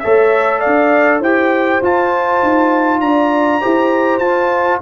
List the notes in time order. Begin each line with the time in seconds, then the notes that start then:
0.00 A3 A4 C#5 E5
0.60 D5 F5
0.66 D4
1.20 E4 G4 C5 G5
1.82 F4 A5
2.43 D#4
3.00 D4 D5 A#5
3.61 E4 G4 C5
4.19 F4 A5